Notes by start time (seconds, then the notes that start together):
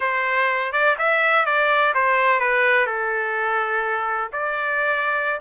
0.00 C5
0.72 D5
0.98 E5
1.45 D5
1.94 C5
2.40 B4
2.86 A4
4.32 D5